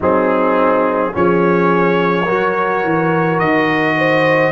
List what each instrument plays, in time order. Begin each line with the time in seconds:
0.00 tuba F#3, trombone C4, horn D#4, trumpet G#4
1.12 tuba F3, trombone C#4, horn G#4, trumpet C#5
2.25 tuba F#3, trombone F#4, horn A#4
2.83 tuba E3
3.39 tuba D#3, trumpet D#5
3.97 horn C5